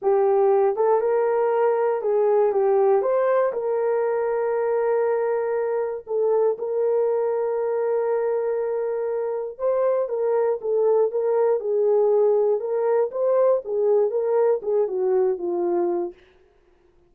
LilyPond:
\new Staff \with { instrumentName = "horn" } { \time 4/4 \tempo 4 = 119 g'4. a'8 ais'2 | gis'4 g'4 c''4 ais'4~ | ais'1 | a'4 ais'2.~ |
ais'2. c''4 | ais'4 a'4 ais'4 gis'4~ | gis'4 ais'4 c''4 gis'4 | ais'4 gis'8 fis'4 f'4. | }